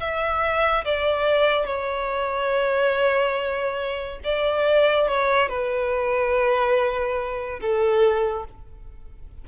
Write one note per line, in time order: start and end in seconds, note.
0.00 0.85 E5
0.85 1.66 D5
1.66 4.20 C#5
4.24 5.08 D5
5.08 5.49 C#5
5.49 7.60 B4
7.61 8.45 A4